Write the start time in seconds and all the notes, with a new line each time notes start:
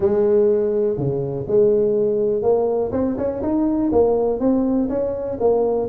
0.00 G#3
0.97 C#3
1.47 G#3
2.42 A#3
2.91 C4
3.17 C#4
3.42 D#4
3.92 A#3
4.39 C4
4.89 C#4
5.39 A#3